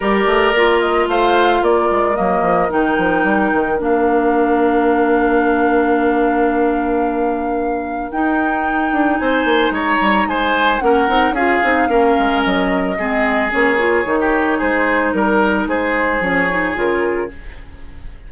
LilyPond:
<<
  \new Staff \with { instrumentName = "flute" } { \time 4/4 \tempo 4 = 111 d''4. dis''8 f''4 d''4 | dis''4 g''2 f''4~ | f''1~ | f''2. g''4~ |
g''4 gis''4 ais''4 gis''4 | fis''4 f''2 dis''4~ | dis''4 cis''2 c''4 | ais'4 c''4 cis''4 ais'4 | }
  \new Staff \with { instrumentName = "oboe" } { \time 4/4 ais'2 c''4 ais'4~ | ais'1~ | ais'1~ | ais'1~ |
ais'4 c''4 cis''4 c''4 | ais'4 gis'4 ais'2 | gis'2~ gis'16 g'8. gis'4 | ais'4 gis'2. | }
  \new Staff \with { instrumentName = "clarinet" } { \time 4/4 g'4 f'2. | ais4 dis'2 d'4~ | d'1~ | d'2. dis'4~ |
dis'1 | cis'8 dis'8 f'8 dis'8 cis'2 | c'4 cis'8 f'8 dis'2~ | dis'2 cis'8 dis'8 f'4 | }
  \new Staff \with { instrumentName = "bassoon" } { \time 4/4 g8 a8 ais4 a4 ais8 gis8 | fis8 f8 dis8 f8 g8 dis8 ais4~ | ais1~ | ais2. dis'4~ |
dis'8 d'8 c'8 ais8 gis8 g8 gis4 | ais8 c'8 cis'8 c'8 ais8 gis8 fis4 | gis4 ais4 dis4 gis4 | g4 gis4 f4 cis4 | }
>>